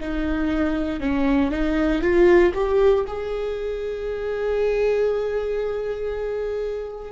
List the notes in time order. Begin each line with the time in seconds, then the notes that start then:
0.00 D#4
1.00 C#4
1.51 D#4
2.02 F4
2.54 G4
3.07 G#4